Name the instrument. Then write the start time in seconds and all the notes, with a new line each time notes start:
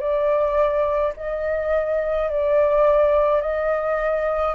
flute
0.00 D5
1.17 D#5
2.30 D5
3.42 D#5